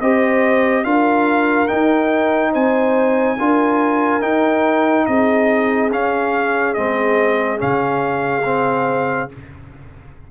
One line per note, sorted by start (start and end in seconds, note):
0.00 0.84 C4
0.00 0.85 G4
0.00 0.85 C5
0.00 0.84 D#5
0.84 1.68 D4
0.84 1.68 F4
0.84 2.52 A#4
0.84 1.67 F5
1.67 3.37 D#4
1.67 2.55 D#4
1.67 2.52 G5
2.52 3.39 C4
2.52 3.37 C5
2.52 4.22 G#5
3.38 4.23 D4
3.38 4.21 F4
3.38 5.07 A#4
4.21 5.90 D#4
4.21 5.07 D#4
4.21 5.06 G5
5.06 5.91 C4
5.06 9.30 G#4
5.06 5.90 D#5
5.91 6.75 C#4
5.91 6.76 C#4
5.91 6.74 F5
6.74 7.62 G#3
6.74 7.58 C4
6.74 7.58 D#5
7.58 9.31 C#3
7.58 8.42 C#4
7.58 9.30 F5
8.44 9.29 C4